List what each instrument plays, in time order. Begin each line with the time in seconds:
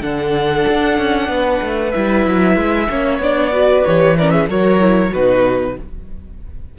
0.00 cello D3, viola D4, violin A4 F#5
0.68 cello D4
0.97 cello C#4
1.28 cello B3, violin B4
1.61 cello A3
1.91 cello G3, viola E4, violin E5
2.26 cello F#3
2.56 cello G#3
2.89 cello A#3, viola C#4, violin C#5
3.19 cello B3, viola D4, violin D5
3.52 viola F#4, violin B4
3.85 cello E3, viola G4, violin C#5
4.17 viola C#4, violin A#4 D5
4.30 violin G#4 E5
4.47 cello F#3, viola F#4, violin A#4 C#5
4.79 viola E4
5.11 cello B2, viola D#4, violin F#4 B4